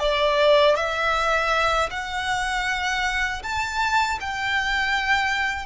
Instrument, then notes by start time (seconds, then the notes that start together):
violin
0.00 D5
0.76 E5
1.91 F#5
3.43 A5
4.21 G5